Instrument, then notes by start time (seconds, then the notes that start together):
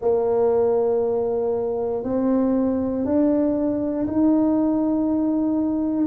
tuba
0.00 A#3
2.03 C4
3.05 D4
4.07 D#4